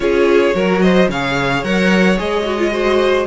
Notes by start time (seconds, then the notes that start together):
0.00 C#4 F4 G#4 C#5
0.54 F#3 F#4 A#4
0.81 C5 D#5
1.08 C#3 G#4 C#5 F5
1.63 F#3 A#4 F#5
2.16 G#3 G#4 D#5
2.45 F#4
2.58 F4
2.71 F#4 C5